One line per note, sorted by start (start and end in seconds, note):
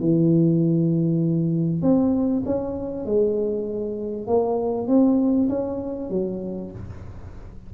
0.00 1.82 E3
1.82 2.44 C4
2.46 3.06 C#4
3.06 4.27 G#3
4.27 4.88 A#3
4.88 5.49 C4
5.49 6.10 C#4
6.10 6.72 F#3